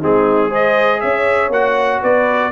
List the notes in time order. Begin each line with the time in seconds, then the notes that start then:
0.00 G#3 C4 D#4 G#4
0.49 G#4 C5 D#5
1.00 C#4 C#5 E5
1.49 A#3 F#4 F#5
2.01 B3 B4 D5